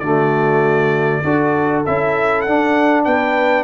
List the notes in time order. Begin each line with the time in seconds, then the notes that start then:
0.00 D3 A3 F#4 D5
1.23 D4 F#4 A4
1.86 C#4 E4 E5
2.42 D4 F#5
2.48 D4
3.05 B3 B4 G5